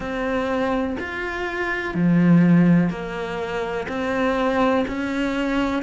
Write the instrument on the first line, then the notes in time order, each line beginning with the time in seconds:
cello
0.00 C4
0.99 F4
1.94 F3
2.89 A#3
3.88 C4
4.87 C#4